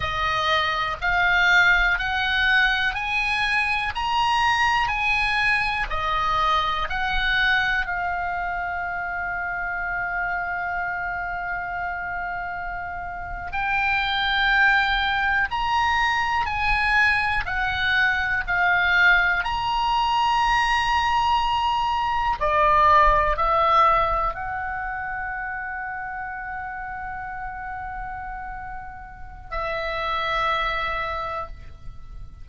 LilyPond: \new Staff \with { instrumentName = "oboe" } { \time 4/4 \tempo 4 = 61 dis''4 f''4 fis''4 gis''4 | ais''4 gis''4 dis''4 fis''4 | f''1~ | f''4.~ f''16 g''2 ais''16~ |
ais''8. gis''4 fis''4 f''4 ais''16~ | ais''2~ ais''8. d''4 e''16~ | e''8. fis''2.~ fis''16~ | fis''2 e''2 | }